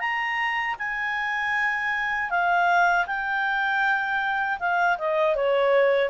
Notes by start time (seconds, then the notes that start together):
0.00 A#5
0.79 G#5
2.30 F5
3.07 G5
4.59 F5
4.99 D#5
5.36 C#5